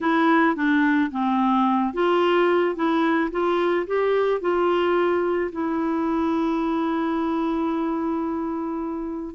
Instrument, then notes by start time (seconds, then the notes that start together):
clarinet
0.00 E4
0.55 D4
1.11 C4
1.93 F4
2.75 E4
3.31 F4
3.86 G4
4.40 F4
5.51 E4